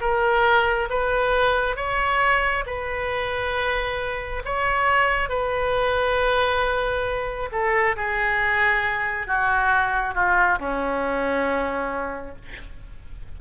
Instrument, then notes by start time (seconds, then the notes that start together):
oboe
0.00 A#4
0.89 B4
1.76 C#5
2.66 B4
4.45 C#5
5.28 B4
7.51 A4
7.96 G#4
9.26 F#4
10.14 F4
10.58 C#4